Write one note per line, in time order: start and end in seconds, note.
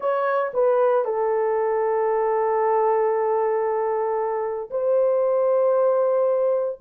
0.00 0.51 C#5
0.53 1.04 B4
1.04 4.70 A4
4.70 6.79 C5